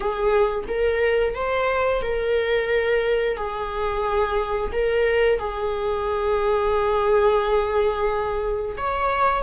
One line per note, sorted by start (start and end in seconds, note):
0.00 0.64 G#4
0.68 1.34 A#4
1.34 2.01 C5
2.01 3.36 A#4
3.36 4.71 G#4
4.72 5.39 A#4
5.39 8.76 G#4
8.77 9.42 C#5